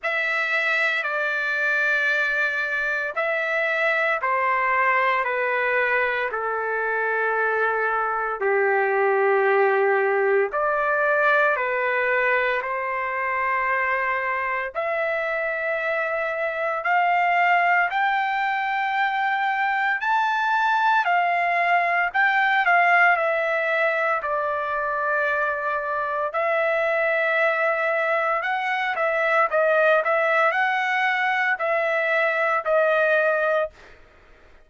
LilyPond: \new Staff \with { instrumentName = "trumpet" } { \time 4/4 \tempo 4 = 57 e''4 d''2 e''4 | c''4 b'4 a'2 | g'2 d''4 b'4 | c''2 e''2 |
f''4 g''2 a''4 | f''4 g''8 f''8 e''4 d''4~ | d''4 e''2 fis''8 e''8 | dis''8 e''8 fis''4 e''4 dis''4 | }